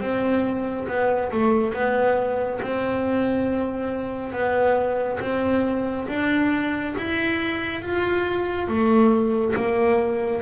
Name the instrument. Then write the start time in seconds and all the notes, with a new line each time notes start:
double bass
0.00 C4
0.88 B3
1.32 A3
1.74 B3
2.61 C4
4.32 B3
5.21 C4
6.08 D4
6.98 E4
7.82 F4
8.68 A3
9.55 A#3